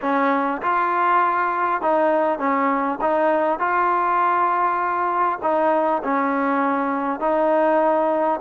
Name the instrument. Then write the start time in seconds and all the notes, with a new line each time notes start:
trombone
0.01 C#4
0.62 F4
1.81 D#4
2.38 C#4
3.01 D#4
3.59 F4
5.42 D#4
6.03 C#4
7.19 D#4